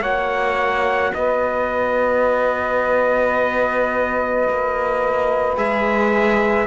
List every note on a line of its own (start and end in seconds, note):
0.00 1.11 A#3
0.00 5.57 F#4
0.00 1.11 C#5
0.00 1.13 F#5
1.14 4.48 B3
1.14 6.67 B4
1.14 5.57 D#5
4.48 5.56 A#3
5.56 6.67 G#3
5.56 6.67 G#4
5.56 6.67 E5